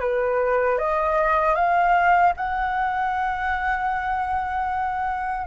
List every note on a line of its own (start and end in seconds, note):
0.00 0.78 B4
0.78 1.55 D#5
1.55 2.33 F5
2.36 5.47 F#5